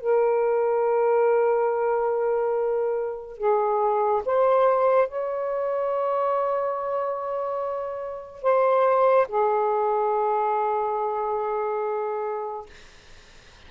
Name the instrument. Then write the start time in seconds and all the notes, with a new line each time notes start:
saxophone
0.00 A#4
3.38 G#4
4.25 C5
5.08 C#5
8.43 C5
9.28 G#4